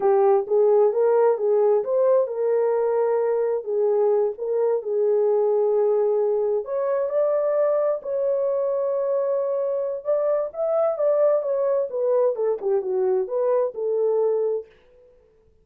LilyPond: \new Staff \with { instrumentName = "horn" } { \time 4/4 \tempo 4 = 131 g'4 gis'4 ais'4 gis'4 | c''4 ais'2. | gis'4. ais'4 gis'4.~ | gis'2~ gis'8 cis''4 d''8~ |
d''4. cis''2~ cis''8~ | cis''2 d''4 e''4 | d''4 cis''4 b'4 a'8 g'8 | fis'4 b'4 a'2 | }